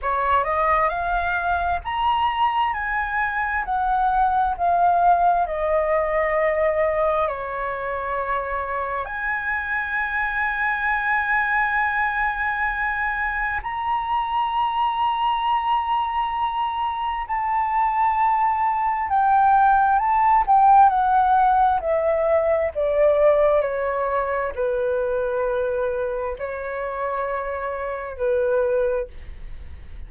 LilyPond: \new Staff \with { instrumentName = "flute" } { \time 4/4 \tempo 4 = 66 cis''8 dis''8 f''4 ais''4 gis''4 | fis''4 f''4 dis''2 | cis''2 gis''2~ | gis''2. ais''4~ |
ais''2. a''4~ | a''4 g''4 a''8 g''8 fis''4 | e''4 d''4 cis''4 b'4~ | b'4 cis''2 b'4 | }